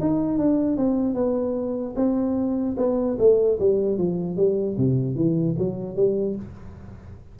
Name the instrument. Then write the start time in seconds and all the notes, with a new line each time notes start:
tuba
0.00 D#4
0.38 D4
0.77 C4
1.14 B3
1.95 C4
2.77 B3
3.18 A3
3.59 G3
3.98 F3
4.36 G3
4.77 C3
5.15 E3
5.58 F#3
5.96 G3